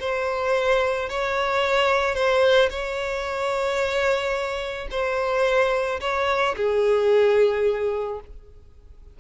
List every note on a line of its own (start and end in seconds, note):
0.00 1.09 C5
1.09 2.15 C#5
2.15 2.69 C5
2.70 4.88 C#5
4.91 6.00 C5
6.01 6.55 C#5
6.57 8.20 G#4